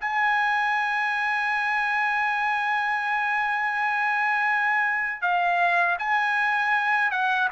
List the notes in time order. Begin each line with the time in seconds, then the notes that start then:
0.00 G#5
5.21 F5
5.98 G#5
7.10 F#5